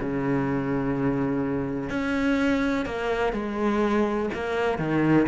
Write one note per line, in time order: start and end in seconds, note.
0.00 1.89 C#3
1.89 2.85 C#4
2.85 3.32 A#3
3.32 4.29 G#3
4.34 4.78 A#3
4.78 5.26 D#3